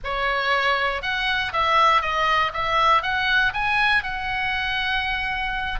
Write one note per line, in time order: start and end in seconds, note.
0.04 1.02 C#5
1.02 1.52 F#5
1.52 2.01 E5
2.01 2.51 D#5
2.53 3.02 E5
3.02 3.52 F#5
3.53 4.03 G#5
4.03 5.79 F#5